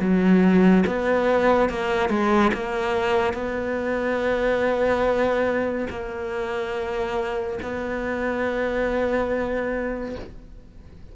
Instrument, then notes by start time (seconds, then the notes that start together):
cello
0.00 F#3
0.87 B3
1.70 A#3
2.10 G#3
2.54 A#3
3.34 B3
5.90 A#3
7.62 B3